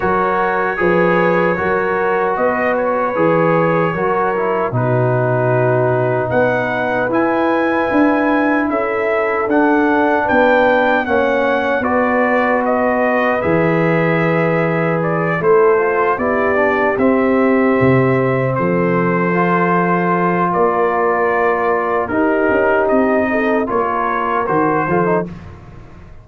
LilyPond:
<<
  \new Staff \with { instrumentName = "trumpet" } { \time 4/4 \tempo 4 = 76 cis''2. dis''8 cis''8~ | cis''2 b'2 | fis''4 gis''2 e''4 | fis''4 g''4 fis''4 d''4 |
dis''4 e''2 d''8 c''8~ | c''8 d''4 e''2 c''8~ | c''2 d''2 | ais'4 dis''4 cis''4 c''4 | }
  \new Staff \with { instrumentName = "horn" } { \time 4/4 ais'4 b'4 ais'4 b'4~ | b'4 ais'4 fis'2 | b'2. a'4~ | a'4 b'4 cis''4 b'4~ |
b'2.~ b'8 a'8~ | a'8 g'2. a'8~ | a'2 ais'2 | g'4. a'8 ais'4. a'8 | }
  \new Staff \with { instrumentName = "trombone" } { \time 4/4 fis'4 gis'4 fis'2 | gis'4 fis'8 e'8 dis'2~ | dis'4 e'2. | d'2 cis'4 fis'4~ |
fis'4 gis'2~ gis'8 e'8 | f'8 e'8 d'8 c'2~ c'8~ | c'8 f'2.~ f'8 | dis'2 f'4 fis'8 f'16 dis'16 | }
  \new Staff \with { instrumentName = "tuba" } { \time 4/4 fis4 f4 fis4 b4 | e4 fis4 b,2 | b4 e'4 d'4 cis'4 | d'4 b4 ais4 b4~ |
b4 e2~ e8 a8~ | a8 b4 c'4 c4 f8~ | f2 ais2 | dis'8 cis'8 c'4 ais4 dis8 f8 | }
>>